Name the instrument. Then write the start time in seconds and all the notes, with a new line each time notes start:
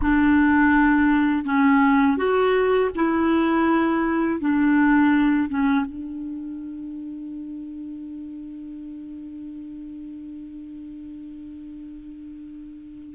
clarinet
0.01 D4
1.45 C#4
2.17 F#4
2.95 E4
4.40 D4
5.49 C#4
5.85 D4